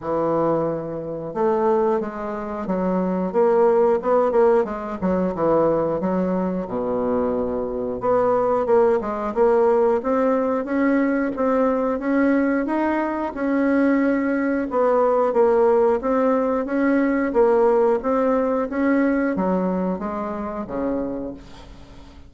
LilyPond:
\new Staff \with { instrumentName = "bassoon" } { \time 4/4 \tempo 4 = 90 e2 a4 gis4 | fis4 ais4 b8 ais8 gis8 fis8 | e4 fis4 b,2 | b4 ais8 gis8 ais4 c'4 |
cis'4 c'4 cis'4 dis'4 | cis'2 b4 ais4 | c'4 cis'4 ais4 c'4 | cis'4 fis4 gis4 cis4 | }